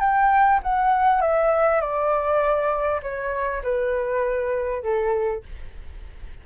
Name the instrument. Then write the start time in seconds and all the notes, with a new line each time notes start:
flute
0.00 G5
0.62 F#5
1.21 E5
1.81 D5
3.02 C#5
3.63 B4
4.82 A4